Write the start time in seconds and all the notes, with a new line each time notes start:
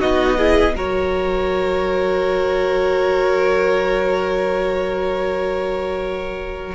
0.00 B3 D#4 F#4 D#5
0.37 E4 G#4
0.76 F#3 F#4 A#4 C#5